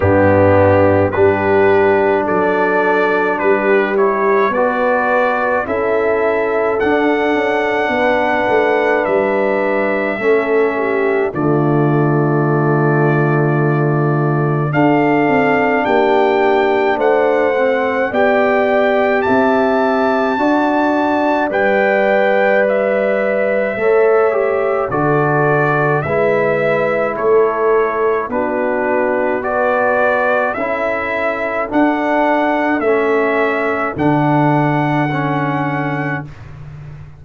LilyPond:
<<
  \new Staff \with { instrumentName = "trumpet" } { \time 4/4 \tempo 4 = 53 g'4 b'4 d''4 b'8 cis''8 | d''4 e''4 fis''2 | e''2 d''2~ | d''4 f''4 g''4 fis''4 |
g''4 a''2 g''4 | e''2 d''4 e''4 | cis''4 b'4 d''4 e''4 | fis''4 e''4 fis''2 | }
  \new Staff \with { instrumentName = "horn" } { \time 4/4 d'4 g'4 a'4 g'4 | b'4 a'2 b'4~ | b'4 a'8 g'8 f'2~ | f'4 a'4 g'4 c''4 |
d''4 e''4 d''2~ | d''4 cis''4 a'4 b'4 | a'4 fis'4 b'4 a'4~ | a'1 | }
  \new Staff \with { instrumentName = "trombone" } { \time 4/4 b4 d'2~ d'8 e'8 | fis'4 e'4 d'2~ | d'4 cis'4 a2~ | a4 d'2~ d'8 c'8 |
g'2 fis'4 b'4~ | b'4 a'8 g'8 fis'4 e'4~ | e'4 d'4 fis'4 e'4 | d'4 cis'4 d'4 cis'4 | }
  \new Staff \with { instrumentName = "tuba" } { \time 4/4 g,4 g4 fis4 g4 | b4 cis'4 d'8 cis'8 b8 a8 | g4 a4 d2~ | d4 d'8 c'8 ais4 a4 |
b4 c'4 d'4 g4~ | g4 a4 d4 gis4 | a4 b2 cis'4 | d'4 a4 d2 | }
>>